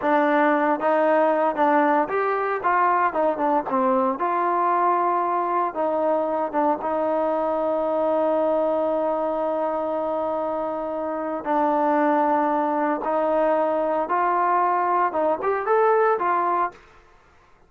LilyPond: \new Staff \with { instrumentName = "trombone" } { \time 4/4 \tempo 4 = 115 d'4. dis'4. d'4 | g'4 f'4 dis'8 d'8 c'4 | f'2. dis'4~ | dis'8 d'8 dis'2.~ |
dis'1~ | dis'2 d'2~ | d'4 dis'2 f'4~ | f'4 dis'8 g'8 a'4 f'4 | }